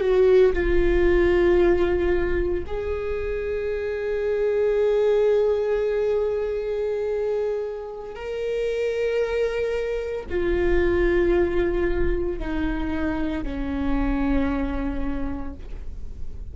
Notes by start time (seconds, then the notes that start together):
0.00 F#4
0.53 F4
2.66 G#4
8.15 A#4
10.29 F4
12.39 D#4
13.44 C#4